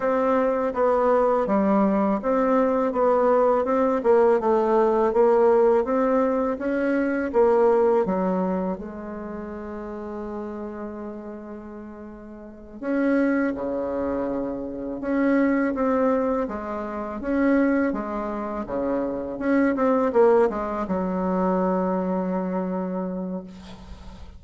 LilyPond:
\new Staff \with { instrumentName = "bassoon" } { \time 4/4 \tempo 4 = 82 c'4 b4 g4 c'4 | b4 c'8 ais8 a4 ais4 | c'4 cis'4 ais4 fis4 | gis1~ |
gis4. cis'4 cis4.~ | cis8 cis'4 c'4 gis4 cis'8~ | cis'8 gis4 cis4 cis'8 c'8 ais8 | gis8 fis2.~ fis8 | }